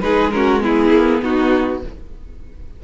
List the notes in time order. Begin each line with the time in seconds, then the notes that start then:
0.00 G#3 D#4 G#4 B4
0.31 C#4 F#4 A#4
0.60 B3 E4 G#4
0.90 A#3
1.22 B3 D#4 F#4